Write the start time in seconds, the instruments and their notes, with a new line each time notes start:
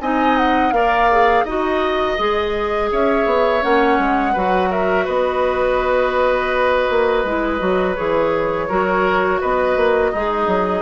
0.00 bassoon C4, clarinet D#4, oboe D#5, flute G#5
0.37 flute F#5
0.72 bassoon A#3, clarinet A#4, oboe D5, flute F5
1.11 clarinet G#4
1.44 bassoon D#4, clarinet F#4, flute D#5, oboe D#5
2.17 bassoon G#3, clarinet G#4
2.91 bassoon C#4, oboe C#5, flute E5
3.25 bassoon B3
3.61 bassoon A#3, clarinet C#4, flute F#5
3.98 bassoon G#3
4.33 bassoon F#3, clarinet F#4, oboe B4
4.70 oboe A#4, flute E5
5.05 bassoon B3, oboe B4, flute D#5
6.89 bassoon A#3
7.24 bassoon G#3, clarinet E4
7.59 bassoon F#3, clarinet F#4
7.95 bassoon E3, clarinet G#4, flute C#5
8.68 bassoon F#3, clarinet F#4, oboe A#4
9.40 bassoon B3, oboe B4, flute D#5
9.76 bassoon A#3
10.11 bassoon G#3, oboe D#4, clarinet G#4
10.47 bassoon F#3